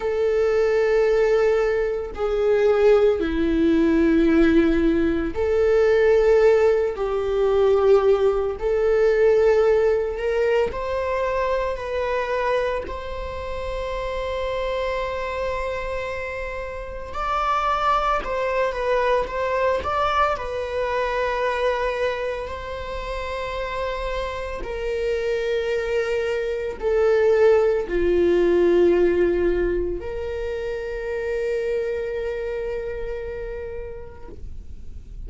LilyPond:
\new Staff \with { instrumentName = "viola" } { \time 4/4 \tempo 4 = 56 a'2 gis'4 e'4~ | e'4 a'4. g'4. | a'4. ais'8 c''4 b'4 | c''1 |
d''4 c''8 b'8 c''8 d''8 b'4~ | b'4 c''2 ais'4~ | ais'4 a'4 f'2 | ais'1 | }